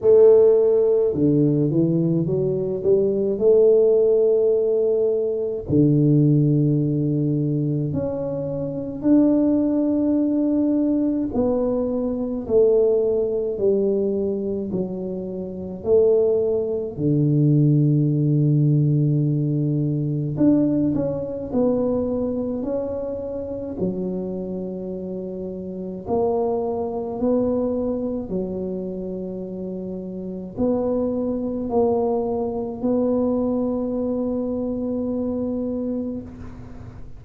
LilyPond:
\new Staff \with { instrumentName = "tuba" } { \time 4/4 \tempo 4 = 53 a4 d8 e8 fis8 g8 a4~ | a4 d2 cis'4 | d'2 b4 a4 | g4 fis4 a4 d4~ |
d2 d'8 cis'8 b4 | cis'4 fis2 ais4 | b4 fis2 b4 | ais4 b2. | }